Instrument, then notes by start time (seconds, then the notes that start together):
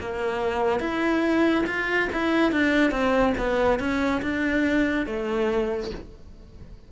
cello
0.00 A#3
0.80 E4
1.67 F4
2.12 E4
2.52 D4
2.91 C4
3.38 B3
3.79 C#4
4.22 D4
5.06 A3